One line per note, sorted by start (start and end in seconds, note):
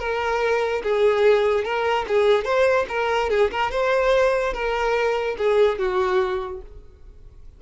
0.00 0.83 A#4
0.84 1.65 G#4
1.65 2.06 A#4
2.08 2.45 G#4
2.45 2.86 C5
2.89 3.30 A#4
3.30 3.51 G#4
3.52 3.72 A#4
3.72 4.54 C5
4.54 5.37 A#4
5.38 5.79 G#4
5.79 6.62 F#4